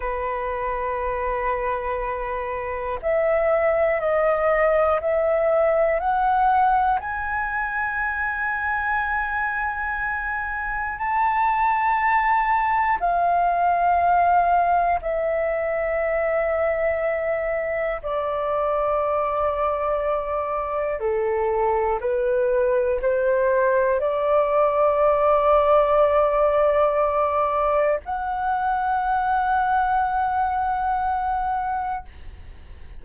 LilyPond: \new Staff \with { instrumentName = "flute" } { \time 4/4 \tempo 4 = 60 b'2. e''4 | dis''4 e''4 fis''4 gis''4~ | gis''2. a''4~ | a''4 f''2 e''4~ |
e''2 d''2~ | d''4 a'4 b'4 c''4 | d''1 | fis''1 | }